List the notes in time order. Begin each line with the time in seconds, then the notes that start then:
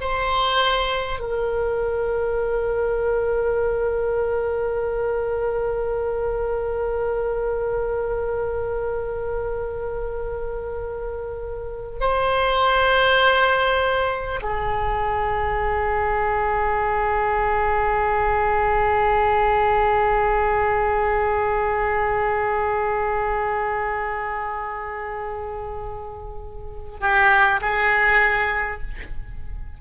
0.00 C5
1.19 A#4
12.00 C5
14.42 G#4
27.00 G4
27.61 G#4